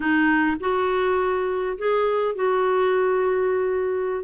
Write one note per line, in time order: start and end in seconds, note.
0.00 0.56 D#4
0.60 1.77 F#4
1.78 2.35 G#4
2.35 4.24 F#4